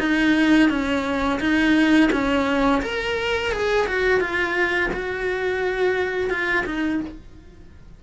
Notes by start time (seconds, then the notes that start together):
0.00 D#4
0.70 C#4
1.40 D#4
2.12 C#4
2.83 A#4
3.52 G#4
3.87 F#4
4.21 F4
4.93 F#4
6.30 F4
6.66 D#4